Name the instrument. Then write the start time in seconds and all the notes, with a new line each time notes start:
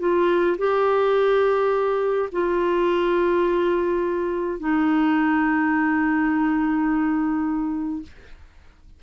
clarinet
0.00 F4
0.58 G4
2.32 F4
4.60 D#4